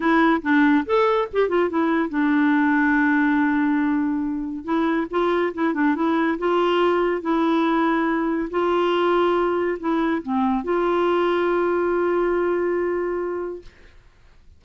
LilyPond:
\new Staff \with { instrumentName = "clarinet" } { \time 4/4 \tempo 4 = 141 e'4 d'4 a'4 g'8 f'8 | e'4 d'2.~ | d'2. e'4 | f'4 e'8 d'8 e'4 f'4~ |
f'4 e'2. | f'2. e'4 | c'4 f'2.~ | f'1 | }